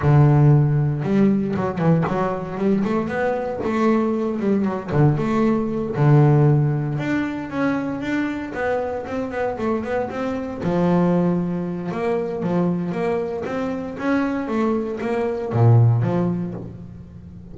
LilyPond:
\new Staff \with { instrumentName = "double bass" } { \time 4/4 \tempo 4 = 116 d2 g4 fis8 e8 | fis4 g8 a8 b4 a4~ | a8 g8 fis8 d8 a4. d8~ | d4. d'4 cis'4 d'8~ |
d'8 b4 c'8 b8 a8 b8 c'8~ | c'8 f2~ f8 ais4 | f4 ais4 c'4 cis'4 | a4 ais4 ais,4 f4 | }